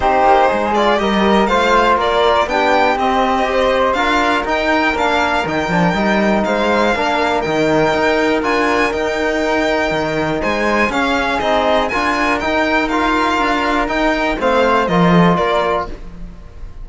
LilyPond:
<<
  \new Staff \with { instrumentName = "violin" } { \time 4/4 \tempo 4 = 121 c''4. d''8 dis''4 f''4 | d''4 g''4 dis''2 | f''4 g''4 f''4 g''4~ | g''4 f''2 g''4~ |
g''4 gis''4 g''2~ | g''4 gis''4 f''4 dis''4 | gis''4 g''4 f''2 | g''4 f''4 dis''4 d''4 | }
  \new Staff \with { instrumentName = "flute" } { \time 4/4 g'4 gis'4 ais'4 c''4 | ais'4 g'2 c''4 | ais'1~ | ais'4 c''4 ais'2~ |
ais'1~ | ais'4 c''4 gis'2 | ais'1~ | ais'4 c''4 ais'8 a'8 ais'4 | }
  \new Staff \with { instrumentName = "trombone" } { \time 4/4 dis'4. f'8 g'4 f'4~ | f'4 d'4 c'4 g'4 | f'4 dis'4 d'4 dis'8 d'8 | dis'2 d'4 dis'4~ |
dis'4 f'4 dis'2~ | dis'2 cis'4 dis'4 | f'4 dis'4 f'2 | dis'4 c'4 f'2 | }
  \new Staff \with { instrumentName = "cello" } { \time 4/4 c'8 ais8 gis4 g4 a4 | ais4 b4 c'2 | d'4 dis'4 ais4 dis8 f8 | g4 gis4 ais4 dis4 |
dis'4 d'4 dis'2 | dis4 gis4 cis'4 c'4 | d'4 dis'2 d'4 | dis'4 a4 f4 ais4 | }
>>